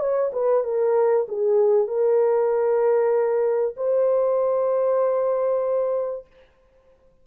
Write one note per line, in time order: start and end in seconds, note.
0.00 0.31 C#5
0.33 0.64 B4
0.64 1.27 A#4
1.29 1.88 G#4
1.88 3.75 A#4
3.77 6.27 C5